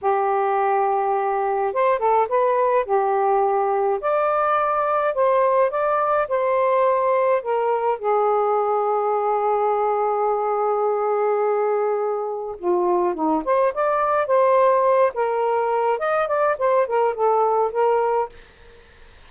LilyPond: \new Staff \with { instrumentName = "saxophone" } { \time 4/4 \tempo 4 = 105 g'2. c''8 a'8 | b'4 g'2 d''4~ | d''4 c''4 d''4 c''4~ | c''4 ais'4 gis'2~ |
gis'1~ | gis'2 f'4 dis'8 c''8 | d''4 c''4. ais'4. | dis''8 d''8 c''8 ais'8 a'4 ais'4 | }